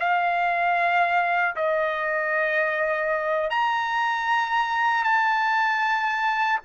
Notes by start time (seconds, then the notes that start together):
0.00 F5
1.56 D#5
3.51 A#5
5.04 A5